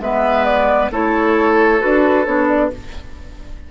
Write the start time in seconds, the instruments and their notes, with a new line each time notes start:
0.00 bassoon G#3, clarinet B3, oboe B4, flute E5
0.45 flute D5
0.91 bassoon A3, clarinet E4, oboe A4, flute C#5
1.80 bassoon D4, clarinet F#4, flute B4
2.26 bassoon B3, clarinet D4, flute C#5
2.48 flute D5